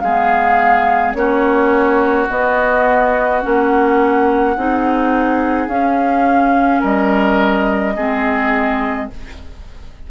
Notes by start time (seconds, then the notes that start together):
0.00 G#3 G#4 F5
0.07 B3
1.14 A#3 C#4 F#4 C#5
2.30 B3 D#5
3.43 A#3 C#4 F#5
4.56 C4 D#4 G#4
5.68 C#4 F5
6.80 G3 A#4 D#5
7.97 G#3 C4 G#4